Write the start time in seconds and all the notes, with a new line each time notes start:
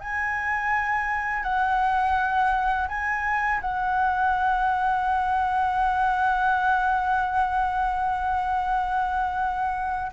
0.00 G#5
1.43 F#5
2.88 G#5
3.61 F#5